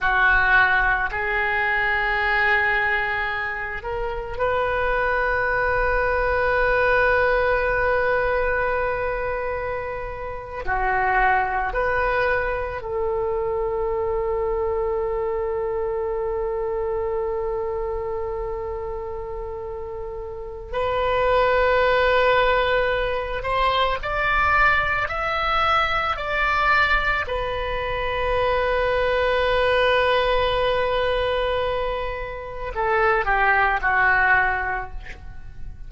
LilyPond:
\new Staff \with { instrumentName = "oboe" } { \time 4/4 \tempo 4 = 55 fis'4 gis'2~ gis'8 ais'8 | b'1~ | b'4.~ b'16 fis'4 b'4 a'16~ | a'1~ |
a'2. b'4~ | b'4. c''8 d''4 e''4 | d''4 b'2.~ | b'2 a'8 g'8 fis'4 | }